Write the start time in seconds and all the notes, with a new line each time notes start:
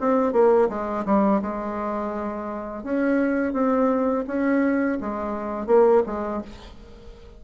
0.00 C4
0.32 A#3
0.69 G#3
1.05 G3
1.42 G#3
2.83 C#4
3.53 C4
4.27 C#4
5.01 G#3
5.67 A#3
6.06 G#3